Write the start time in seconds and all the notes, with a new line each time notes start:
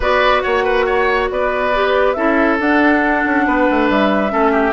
0.00 B3 F#4 B4 D5
0.41 A#3 C#5 F#5
0.63 B4
0.86 C#5
1.30 B3 B4 D5
1.74 G4
2.13 C#4 E4 A4 E5
2.59 D4 F#5
3.25 C#4
3.46 B3 B4
3.70 A3
3.89 G3 E5
4.29 A3 C#4 A4
4.51 G4